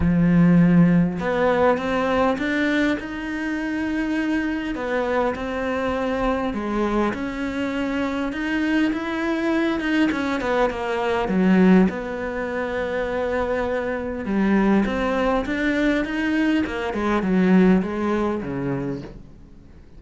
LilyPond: \new Staff \with { instrumentName = "cello" } { \time 4/4 \tempo 4 = 101 f2 b4 c'4 | d'4 dis'2. | b4 c'2 gis4 | cis'2 dis'4 e'4~ |
e'8 dis'8 cis'8 b8 ais4 fis4 | b1 | g4 c'4 d'4 dis'4 | ais8 gis8 fis4 gis4 cis4 | }